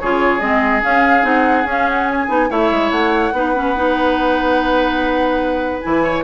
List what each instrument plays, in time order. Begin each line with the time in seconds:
0.00 bassoon C#3, clarinet F4, oboe G#4, flute C#5
0.40 bassoon G#3, clarinet C4, flute D#5
0.82 clarinet C#4, bassoon C#4, flute F5
1.23 bassoon C4, clarinet D#4, flute F#5
1.64 bassoon C#4, clarinet C#4
1.70 flute F5
1.89 flute F#5
2.11 flute G#5
2.28 bassoon B3, clarinet D#4
2.49 bassoon A3, clarinet E4, oboe C#5, flute E5
2.71 bassoon G#3
2.91 bassoon A3, flute F#5
3.32 bassoon B3, clarinet D#4, oboe B4
3.54 clarinet C#4
3.76 clarinet D#4
5.81 bassoon E3, clarinet E4, flute G#5
6.03 oboe C#5